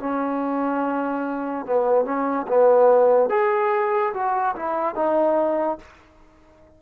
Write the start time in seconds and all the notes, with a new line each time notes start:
0.00 C#4
1.66 B3
2.05 C#4
2.48 B3
3.30 G#4
4.14 F#4
4.56 E4
4.95 D#4